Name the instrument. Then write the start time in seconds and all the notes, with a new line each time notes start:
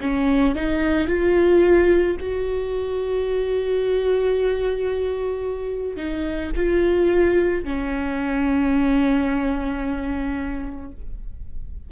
viola
0.00 C#4
0.55 D#4
1.07 F4
2.20 F#4
5.96 D#4
6.56 F4
7.64 C#4